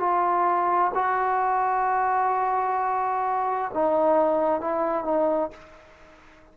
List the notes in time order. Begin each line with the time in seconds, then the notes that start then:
0.00 F4
0.95 F#4
3.75 D#4
4.61 E4
5.05 D#4